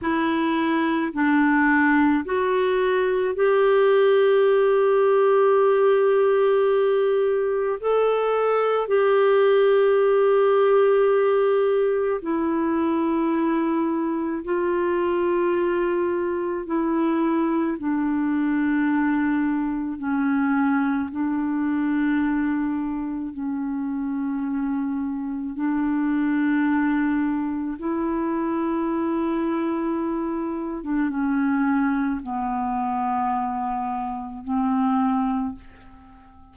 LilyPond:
\new Staff \with { instrumentName = "clarinet" } { \time 4/4 \tempo 4 = 54 e'4 d'4 fis'4 g'4~ | g'2. a'4 | g'2. e'4~ | e'4 f'2 e'4 |
d'2 cis'4 d'4~ | d'4 cis'2 d'4~ | d'4 e'2~ e'8. d'16 | cis'4 b2 c'4 | }